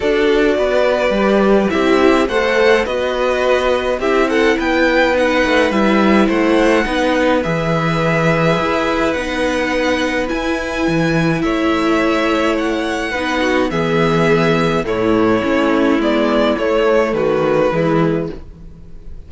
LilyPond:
<<
  \new Staff \with { instrumentName = "violin" } { \time 4/4 \tempo 4 = 105 d''2. e''4 | fis''4 dis''2 e''8 fis''8 | g''4 fis''4 e''4 fis''4~ | fis''4 e''2. |
fis''2 gis''2 | e''2 fis''2 | e''2 cis''2 | d''4 cis''4 b'2 | }
  \new Staff \with { instrumentName = "violin" } { \time 4/4 a'4 b'2 g'4 | c''4 b'2 g'8 a'8 | b'2. c''4 | b'1~ |
b'1 | cis''2. b'8 fis'8 | gis'2 e'2~ | e'2 fis'4 e'4 | }
  \new Staff \with { instrumentName = "viola" } { \time 4/4 fis'2 g'4 e'4 | a'4 fis'2 e'4~ | e'4 dis'4 e'2 | dis'4 gis'2. |
dis'2 e'2~ | e'2. dis'4 | b2 a4 cis'4 | b4 a2 gis4 | }
  \new Staff \with { instrumentName = "cello" } { \time 4/4 d'4 b4 g4 c'4 | a4 b2 c'4 | b4. a8 g4 a4 | b4 e2 e'4 |
b2 e'4 e4 | a2. b4 | e2 a,4 a4 | gis4 a4 dis4 e4 | }
>>